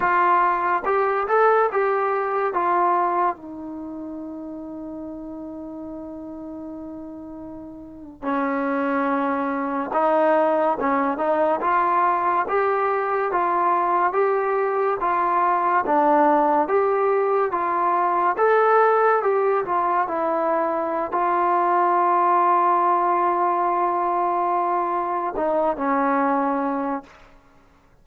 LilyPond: \new Staff \with { instrumentName = "trombone" } { \time 4/4 \tempo 4 = 71 f'4 g'8 a'8 g'4 f'4 | dis'1~ | dis'4.~ dis'16 cis'2 dis'16~ | dis'8. cis'8 dis'8 f'4 g'4 f'16~ |
f'8. g'4 f'4 d'4 g'16~ | g'8. f'4 a'4 g'8 f'8 e'16~ | e'4 f'2.~ | f'2 dis'8 cis'4. | }